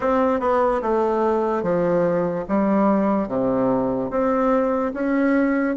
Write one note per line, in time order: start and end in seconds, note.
0.00 0.40 C4
0.40 0.81 B3
0.81 1.63 A3
1.63 2.45 F3
2.48 3.28 G3
3.28 4.10 C3
4.10 4.92 C4
4.93 5.75 C#4